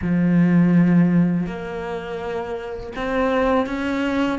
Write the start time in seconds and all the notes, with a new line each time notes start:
0.01 F3
1.46 A#3
2.96 C4
3.66 C#4